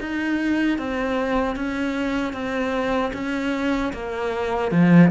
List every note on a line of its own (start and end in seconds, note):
0.00 0.78 D#4
0.78 1.55 C4
1.55 2.33 C#4
2.33 3.11 C4
3.13 3.92 C#4
3.93 4.71 A#3
4.71 5.11 F3